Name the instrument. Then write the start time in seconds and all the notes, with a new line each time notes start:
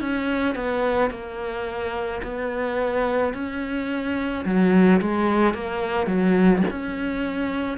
cello
0.00 C#4
0.55 B3
1.11 A#3
2.23 B3
3.33 C#4
4.45 F#3
5.01 G#3
5.54 A#3
6.07 F#3
6.70 C#4